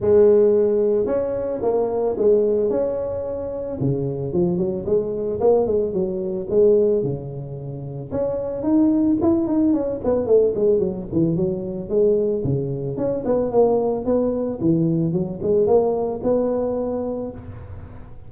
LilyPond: \new Staff \with { instrumentName = "tuba" } { \time 4/4 \tempo 4 = 111 gis2 cis'4 ais4 | gis4 cis'2 cis4 | f8 fis8 gis4 ais8 gis8 fis4 | gis4 cis2 cis'4 |
dis'4 e'8 dis'8 cis'8 b8 a8 gis8 | fis8 e8 fis4 gis4 cis4 | cis'8 b8 ais4 b4 e4 | fis8 gis8 ais4 b2 | }